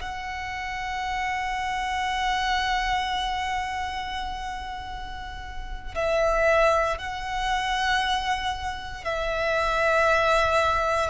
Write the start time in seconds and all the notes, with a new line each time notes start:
0.00 F#5
5.95 E5
6.98 F#5
9.05 E5